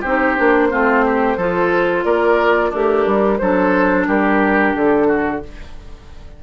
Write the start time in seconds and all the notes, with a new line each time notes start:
0.00 C4 D#4 G4 C5
0.36 A#3 D4
0.70 A3 C4 F4
1.05 G4
1.37 F3 F4 A4
2.04 A#3 A#4 D5
2.70 A3 D4 G4 A#4
3.06 G3
3.37 F#3 D4 A4 C5
4.07 G3 G4 A#4
4.74 D3 A4
5.07 F#4